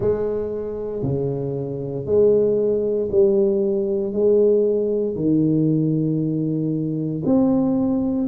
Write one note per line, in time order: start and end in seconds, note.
0.00 1.02 G#3
1.02 2.05 C#3
2.05 3.09 G#3
3.11 4.12 G3
4.12 5.15 G#3
5.15 7.22 D#3
7.25 8.28 C4